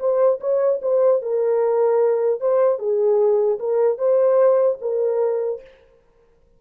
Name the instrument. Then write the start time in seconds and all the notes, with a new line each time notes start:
horn
0.00 C5
0.41 C#5
0.83 C5
1.22 A#4
2.41 C5
2.79 G#4
3.60 A#4
3.99 C5
4.82 A#4